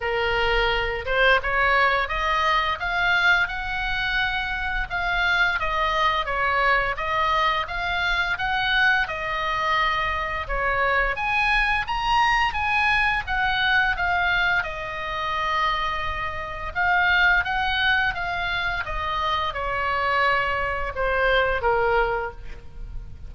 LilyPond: \new Staff \with { instrumentName = "oboe" } { \time 4/4 \tempo 4 = 86 ais'4. c''8 cis''4 dis''4 | f''4 fis''2 f''4 | dis''4 cis''4 dis''4 f''4 | fis''4 dis''2 cis''4 |
gis''4 ais''4 gis''4 fis''4 | f''4 dis''2. | f''4 fis''4 f''4 dis''4 | cis''2 c''4 ais'4 | }